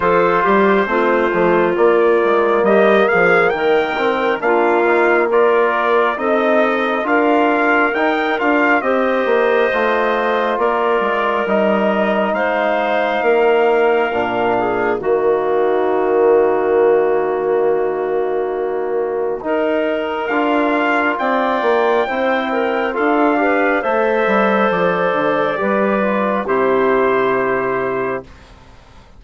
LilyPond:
<<
  \new Staff \with { instrumentName = "trumpet" } { \time 4/4 \tempo 4 = 68 c''2 d''4 dis''8 f''8 | g''4 f''4 d''4 dis''4 | f''4 g''8 f''8 dis''2 | d''4 dis''4 f''2~ |
f''4 dis''2.~ | dis''2. f''4 | g''2 f''4 e''4 | d''2 c''2 | }
  \new Staff \with { instrumentName = "clarinet" } { \time 4/4 a'8 g'8 f'2 g'8 gis'8 | ais'4 f'4 ais'4 a'4 | ais'2 c''2 | ais'2 c''4 ais'4~ |
ais'8 gis'8 fis'2.~ | fis'2 ais'2 | d''4 c''8 ais'8 a'8 b'8 c''4~ | c''4 b'4 g'2 | }
  \new Staff \with { instrumentName = "trombone" } { \time 4/4 f'4 c'8 a8 ais2~ | ais8 c'8 d'8 dis'8 f'4 dis'4 | f'4 dis'8 f'8 g'4 f'4~ | f'4 dis'2. |
d'4 ais2.~ | ais2 dis'4 f'4~ | f'4 e'4 f'8 g'8 a'4~ | a'4 g'8 f'8 e'2 | }
  \new Staff \with { instrumentName = "bassoon" } { \time 4/4 f8 g8 a8 f8 ais8 gis8 g8 f8 | dis4 ais2 c'4 | d'4 dis'8 d'8 c'8 ais8 a4 | ais8 gis8 g4 gis4 ais4 |
ais,4 dis2.~ | dis2 dis'4 d'4 | c'8 ais8 c'4 d'4 a8 g8 | f8 d8 g4 c2 | }
>>